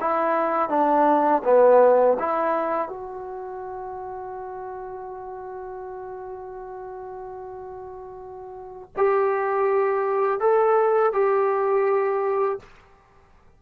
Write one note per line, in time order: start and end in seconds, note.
0.00 0.69 E4
0.69 1.42 D4
1.44 2.17 B3
2.19 2.88 E4
2.88 8.92 F#4
8.97 10.40 G4
10.40 11.13 A4
11.13 12.59 G4